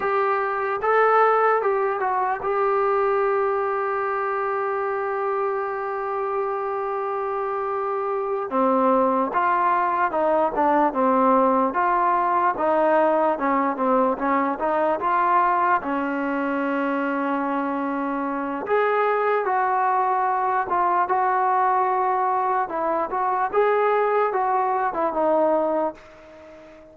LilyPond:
\new Staff \with { instrumentName = "trombone" } { \time 4/4 \tempo 4 = 74 g'4 a'4 g'8 fis'8 g'4~ | g'1~ | g'2~ g'8 c'4 f'8~ | f'8 dis'8 d'8 c'4 f'4 dis'8~ |
dis'8 cis'8 c'8 cis'8 dis'8 f'4 cis'8~ | cis'2. gis'4 | fis'4. f'8 fis'2 | e'8 fis'8 gis'4 fis'8. e'16 dis'4 | }